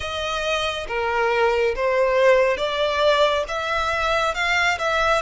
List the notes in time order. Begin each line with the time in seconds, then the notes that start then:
0.00 D#5
0.87 A#4
1.75 C5
2.57 D5
3.47 E5
4.34 F5
4.78 E5